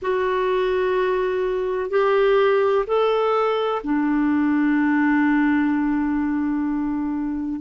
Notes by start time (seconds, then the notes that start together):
0.02 F#4
1.90 G4
2.87 A4
3.84 D4